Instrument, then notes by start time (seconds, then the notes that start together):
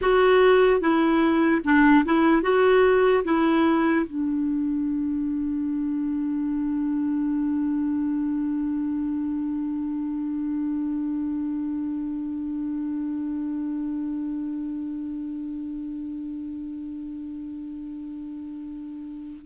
clarinet
0.01 F#4
0.80 E4
1.64 D4
2.05 E4
2.42 F#4
3.24 E4
4.06 D4